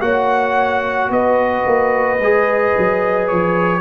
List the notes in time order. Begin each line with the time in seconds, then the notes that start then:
0.00 A#3 F#4 C#5 F#5
1.09 B3 B4 D#5
1.66 A#3
2.18 G#3 G#4
2.77 F#3
3.27 F3 C#5